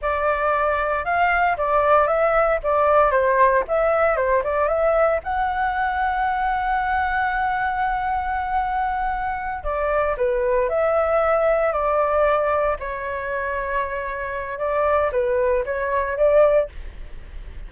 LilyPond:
\new Staff \with { instrumentName = "flute" } { \time 4/4 \tempo 4 = 115 d''2 f''4 d''4 | e''4 d''4 c''4 e''4 | c''8 d''8 e''4 fis''2~ | fis''1~ |
fis''2~ fis''8 d''4 b'8~ | b'8 e''2 d''4.~ | d''8 cis''2.~ cis''8 | d''4 b'4 cis''4 d''4 | }